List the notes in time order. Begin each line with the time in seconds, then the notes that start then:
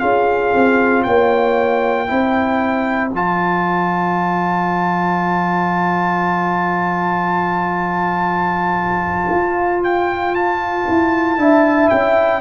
0.00 C#4 F4 G#4 F5
0.54 C4
1.04 A#3 C#5 G5
2.08 C4 E4 C5
3.12 F3 F4 A5
9.30 F4
9.84 G5
10.35 A5
10.89 E4
11.38 D4 E4 E5
11.90 C#4 G5